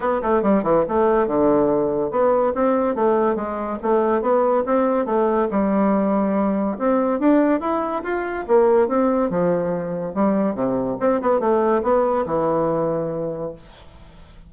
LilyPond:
\new Staff \with { instrumentName = "bassoon" } { \time 4/4 \tempo 4 = 142 b8 a8 g8 e8 a4 d4~ | d4 b4 c'4 a4 | gis4 a4 b4 c'4 | a4 g2. |
c'4 d'4 e'4 f'4 | ais4 c'4 f2 | g4 c4 c'8 b8 a4 | b4 e2. | }